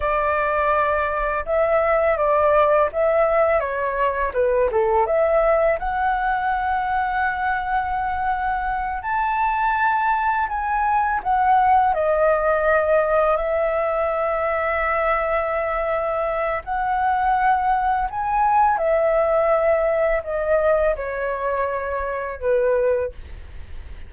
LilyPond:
\new Staff \with { instrumentName = "flute" } { \time 4/4 \tempo 4 = 83 d''2 e''4 d''4 | e''4 cis''4 b'8 a'8 e''4 | fis''1~ | fis''8 a''2 gis''4 fis''8~ |
fis''8 dis''2 e''4.~ | e''2. fis''4~ | fis''4 gis''4 e''2 | dis''4 cis''2 b'4 | }